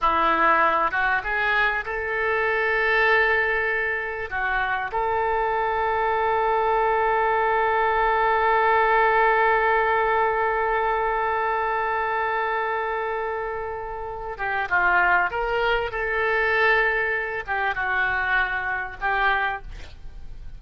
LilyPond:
\new Staff \with { instrumentName = "oboe" } { \time 4/4 \tempo 4 = 98 e'4. fis'8 gis'4 a'4~ | a'2. fis'4 | a'1~ | a'1~ |
a'1~ | a'2.~ a'8 g'8 | f'4 ais'4 a'2~ | a'8 g'8 fis'2 g'4 | }